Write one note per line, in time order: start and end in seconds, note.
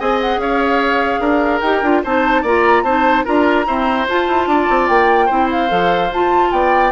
0.00 0.38 C4
0.00 1.64 G#4
0.00 0.41 D#5
0.00 0.20 G#5
0.22 0.41 F#5
0.38 1.19 C#4
0.38 1.21 C#5
0.38 1.61 F5
1.20 1.61 D4
1.20 2.03 A#4
1.61 1.83 D#4
1.61 1.84 G4
1.61 2.02 G5
1.83 2.03 D4
1.83 2.05 F4
2.04 2.43 C4
2.04 2.46 D#4
2.04 2.43 C5
2.04 2.46 A5
2.43 2.83 A#3
2.43 2.86 F4
2.43 2.83 D5
2.43 2.84 A#5
2.83 3.24 C4
2.83 3.26 D#4
2.83 3.25 C5
2.83 3.25 A5
3.25 3.67 D4
3.25 3.67 F4
3.25 3.66 A#4
3.25 4.07 A#5
3.67 4.08 C4
3.67 4.08 E4
3.67 4.49 C5
4.09 4.28 F4
4.09 5.30 F4
4.09 4.88 A5
4.28 4.47 E4
4.47 4.68 D4
4.47 5.27 D5
4.70 4.89 C4
4.88 5.30 A#3
4.88 5.49 G5
5.27 5.71 C4
5.27 5.69 E4
5.27 6.49 C5
5.51 6.12 F5
5.69 6.12 F3
5.69 6.10 A4
6.12 6.52 F4
6.12 6.93 F4
6.12 6.52 A5
6.52 6.93 B3
6.52 6.93 D5
6.52 6.93 G5